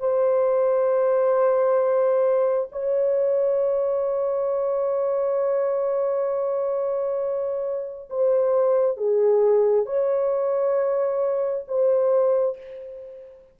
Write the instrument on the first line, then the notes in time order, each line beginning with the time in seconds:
horn
0.00 C5
2.72 C#5
8.10 C5
8.98 G#4
9.86 C#5
11.68 C5